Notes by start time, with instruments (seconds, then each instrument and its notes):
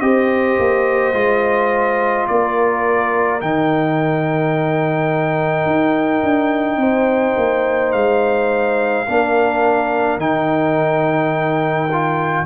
0.00 tuba C4, trombone G4, horn C5, trumpet D#5
0.58 tuba A#3
1.13 tuba G#3, trombone F4
2.27 tuba A#3, horn A#4, trumpet D5
3.41 tuba D#3, trombone D#4, trumpet G5
5.65 tuba D#4
6.23 tuba D4
6.77 tuba C4, horn C5
7.37 tuba A#3
7.92 tuba G#3, trumpet F5
9.08 tuba A#3, trombone D4, horn A#4
10.17 tuba D#3, trombone D#4, trumpet G5
11.92 trombone F4